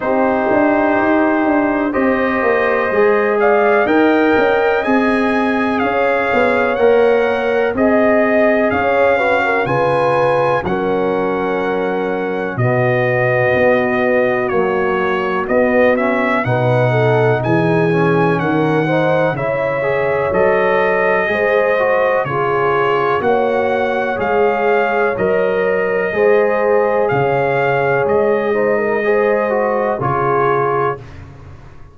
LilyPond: <<
  \new Staff \with { instrumentName = "trumpet" } { \time 4/4 \tempo 4 = 62 c''2 dis''4. f''8 | g''4 gis''4 f''4 fis''4 | dis''4 f''4 gis''4 fis''4~ | fis''4 dis''2 cis''4 |
dis''8 e''8 fis''4 gis''4 fis''4 | e''4 dis''2 cis''4 | fis''4 f''4 dis''2 | f''4 dis''2 cis''4 | }
  \new Staff \with { instrumentName = "horn" } { \time 4/4 g'2 c''4. d''8 | dis''2 cis''2 | dis''4 cis''8 b'16 ais'16 b'4 ais'4~ | ais'4 fis'2.~ |
fis'4 b'8 a'8 gis'4 ais'8 c''8 | cis''2 c''4 gis'4 | cis''2. c''4 | cis''4. c''16 ais'16 c''4 gis'4 | }
  \new Staff \with { instrumentName = "trombone" } { \time 4/4 dis'2 g'4 gis'4 | ais'4 gis'2 ais'4 | gis'4. fis'8 f'4 cis'4~ | cis'4 b2 fis4 |
b8 cis'8 dis'4. cis'4 dis'8 | e'8 gis'8 a'4 gis'8 fis'8 f'4 | fis'4 gis'4 ais'4 gis'4~ | gis'4. dis'8 gis'8 fis'8 f'4 | }
  \new Staff \with { instrumentName = "tuba" } { \time 4/4 c'8 d'8 dis'8 d'8 c'8 ais8 gis4 | dis'8 cis'8 c'4 cis'8 b8 ais4 | c'4 cis'4 cis4 fis4~ | fis4 b,4 b4 ais4 |
b4 b,4 e4 dis4 | cis4 fis4 gis4 cis4 | ais4 gis4 fis4 gis4 | cis4 gis2 cis4 | }
>>